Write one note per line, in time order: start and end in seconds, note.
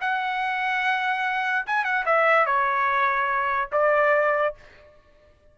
0.00 1.66 F#5
1.66 1.84 G#5
1.84 2.05 F#5
2.05 2.46 E5
2.46 3.70 C#5
3.72 4.54 D5